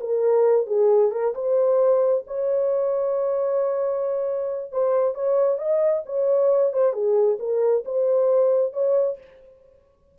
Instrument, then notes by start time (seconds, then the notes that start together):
horn
0.00 A#4
0.66 G#4
1.11 A#4
1.34 C5
2.27 C#5
4.72 C5
5.14 C#5
5.58 D#5
6.05 C#5
6.73 C5
6.93 G#4
7.39 A#4
7.85 C5
8.73 C#5